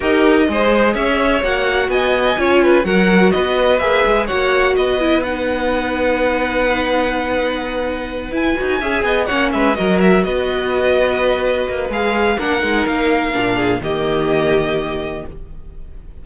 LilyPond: <<
  \new Staff \with { instrumentName = "violin" } { \time 4/4 \tempo 4 = 126 dis''2 e''4 fis''4 | gis''2 fis''4 dis''4 | e''4 fis''4 dis''4 fis''4~ | fis''1~ |
fis''4. gis''2 fis''8 | e''8 dis''8 e''8 dis''2~ dis''8~ | dis''4 f''4 fis''4 f''4~ | f''4 dis''2. | }
  \new Staff \with { instrumentName = "violin" } { \time 4/4 ais'4 c''4 cis''2 | dis''4 cis''8 b'8 ais'4 b'4~ | b'4 cis''4 b'2~ | b'1~ |
b'2~ b'8 e''8 dis''8 cis''8 | b'8 ais'4 b'2~ b'8~ | b'2 ais'2~ | ais'8 gis'8 g'2. | }
  \new Staff \with { instrumentName = "viola" } { \time 4/4 g'4 gis'2 fis'4~ | fis'4 f'4 fis'2 | gis'4 fis'4. e'8 dis'4~ | dis'1~ |
dis'4. e'8 fis'8 gis'4 cis'8~ | cis'8 fis'2.~ fis'8~ | fis'4 gis'4 d'8 dis'4. | d'4 ais2. | }
  \new Staff \with { instrumentName = "cello" } { \time 4/4 dis'4 gis4 cis'4 ais4 | b4 cis'4 fis4 b4 | ais8 gis8 ais4 b2~ | b1~ |
b4. e'8 dis'8 cis'8 b8 ais8 | gis8 fis4 b2~ b8~ | b8 ais8 gis4 ais8 gis8 ais4 | ais,4 dis2. | }
>>